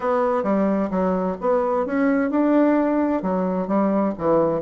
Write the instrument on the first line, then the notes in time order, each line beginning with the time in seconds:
bassoon
0.00 B3
0.43 G3
0.90 F#3
1.41 B3
1.85 C#4
2.30 D4
3.22 F#3
3.67 G3
4.18 E3